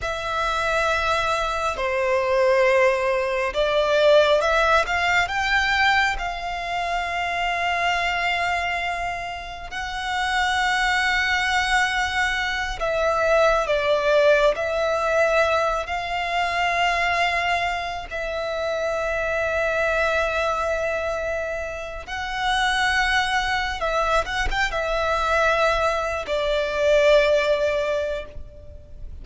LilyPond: \new Staff \with { instrumentName = "violin" } { \time 4/4 \tempo 4 = 68 e''2 c''2 | d''4 e''8 f''8 g''4 f''4~ | f''2. fis''4~ | fis''2~ fis''8 e''4 d''8~ |
d''8 e''4. f''2~ | f''8 e''2.~ e''8~ | e''4 fis''2 e''8 fis''16 g''16 | e''4.~ e''16 d''2~ d''16 | }